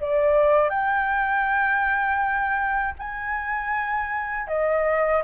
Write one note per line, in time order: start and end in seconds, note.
0.00 0.69 D5
0.69 2.94 G5
2.98 4.47 G#5
4.47 5.22 D#5